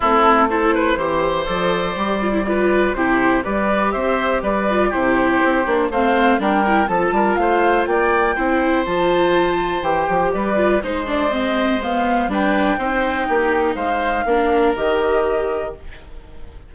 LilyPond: <<
  \new Staff \with { instrumentName = "flute" } { \time 4/4 \tempo 4 = 122 a'4 c''2 d''4~ | d''2 c''4 d''4 | e''4 d''4 c''2 | f''4 g''4 a''4 f''4 |
g''2 a''2 | g''4 d''4 c''8 d''8 dis''4 | f''4 g''2. | f''2 dis''2 | }
  \new Staff \with { instrumentName = "oboe" } { \time 4/4 e'4 a'8 b'8 c''2~ | c''4 b'4 g'4 b'4 | c''4 b'4 g'2 | c''4 ais'4 a'8 ais'8 c''4 |
d''4 c''2.~ | c''4 b'4 c''2~ | c''4 b'4 c''4 g'4 | c''4 ais'2. | }
  \new Staff \with { instrumentName = "viola" } { \time 4/4 c'4 e'4 g'4 a'4 | g'8 f'16 e'16 f'4 e'4 g'4~ | g'4. f'8 e'4. d'8 | c'4 d'8 e'8 f'2~ |
f'4 e'4 f'2 | g'4. f'8 dis'8 d'8 c'4 | b4 d'4 dis'2~ | dis'4 d'4 g'2 | }
  \new Staff \with { instrumentName = "bassoon" } { \time 4/4 a2 e4 f4 | g2 c4 g4 | c'4 g4 c4 c'8 ais8 | a4 g4 f8 g8 a4 |
ais4 c'4 f2 | e8 f8 g4 gis2~ | gis4 g4 c'4 ais4 | gis4 ais4 dis2 | }
>>